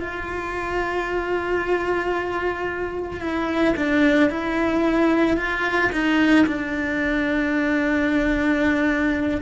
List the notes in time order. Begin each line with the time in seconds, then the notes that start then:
0.00 F4
3.20 E4
3.76 D4
4.30 E4
5.37 F4
5.92 D#4
6.46 D4